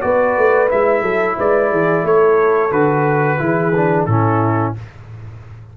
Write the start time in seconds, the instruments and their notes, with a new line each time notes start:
0.00 tuba B3, trombone F#4, horn B4, trumpet D5
0.37 tuba A3
0.68 tuba G#3, trombone E4, trumpet E5
1.02 tuba F#3, horn A4
1.37 tuba G#3, horn B4, trumpet D5
1.70 tuba E3, horn G#4
2.03 tuba A3, horn A4, trumpet C#5
2.70 tuba D3, trombone F#4, trumpet B4
3.38 tuba E3, trombone E4, horn G#4
3.75 trombone D4
4.05 tuba A2, trombone C#4, horn E4, trumpet A4